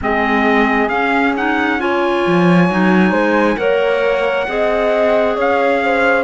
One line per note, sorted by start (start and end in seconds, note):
0.01 0.89 G#3
0.01 0.89 C4
0.01 1.81 G#4
0.01 0.88 D#5
0.88 2.23 C#4
0.88 1.34 C#4
0.88 1.33 F5
1.37 1.78 D#4
1.37 1.80 F#5
1.78 2.68 F4
1.78 3.10 C#5
1.78 3.57 G#5
2.26 2.69 F3
2.69 3.11 F#3
2.69 3.57 D#4
3.10 3.55 G#3
3.10 3.55 C5
3.57 4.47 A#3
3.57 4.46 A#4
3.57 4.49 C#5
3.57 5.36 F#5
4.48 5.37 C4
4.48 6.23 G#4
4.48 5.35 D#5
5.35 6.23 C#4
5.35 5.80 C#5
5.35 6.23 F5
5.83 6.23 C5